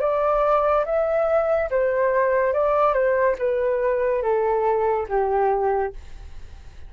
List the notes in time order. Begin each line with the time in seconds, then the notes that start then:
0.00 D5
0.85 E5
1.70 C5
2.53 D5
2.93 C5
3.38 B4
4.22 A4
5.08 G4